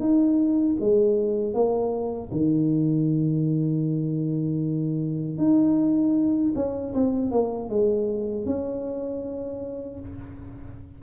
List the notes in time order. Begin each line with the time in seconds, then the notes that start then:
0.00 D#4
0.80 G#3
1.54 A#3
2.32 D#3
5.38 D#4
6.56 C#4
6.95 C4
7.31 A#3
7.70 G#3
8.46 C#4